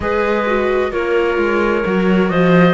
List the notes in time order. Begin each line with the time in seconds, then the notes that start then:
0.00 G#3 G#4 B4 D#5
0.46 F#4
0.90 A#3 F4 A#4 C#5
1.37 G#3
1.85 F#3 F#4
2.28 F3 C5 D#5